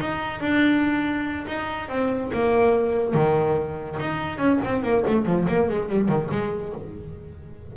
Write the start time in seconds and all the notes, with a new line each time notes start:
0.00 D#4
0.41 D4
1.48 D#4
1.89 C4
2.33 A#3
3.14 D#3
4.00 D#4
4.38 C#4
4.65 C4
4.83 A#3
5.07 A3
5.26 F3
5.48 A#3
5.69 G#3
5.89 G3
6.09 D#3
6.31 G#3